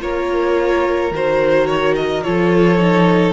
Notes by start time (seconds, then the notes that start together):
0.00 A#3 F4 A#4 C#5
1.11 D#3 F#4 C5
1.66 C#5
1.95 D#5
2.23 F3 F4 A4 C#5
2.78 D#4